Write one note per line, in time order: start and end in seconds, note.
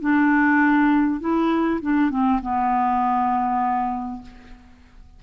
0.00 1.20 D4
1.20 1.80 E4
1.81 2.10 D4
2.10 2.40 C4
2.42 4.22 B3